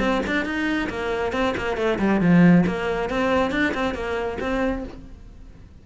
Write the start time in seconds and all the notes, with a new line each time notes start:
0.00 C4
0.27 D4
0.45 D#4
0.90 A#3
1.33 C4
1.57 A#3
1.77 A3
1.99 G3
2.21 F3
2.67 A#3
3.10 C4
3.52 D4
3.74 C4
3.95 A#3
4.41 C4